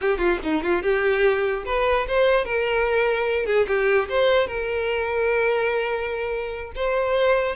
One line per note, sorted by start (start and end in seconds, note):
0.01 0.17 G4
0.17 0.38 F4
0.43 0.63 D#4
0.63 0.82 F4
0.82 1.64 G4
1.65 2.06 B4
2.07 2.45 C5
2.45 3.46 A#4
3.46 3.66 G#4
3.67 4.08 G4
4.08 4.47 C5
4.47 6.71 A#4
6.75 7.55 C5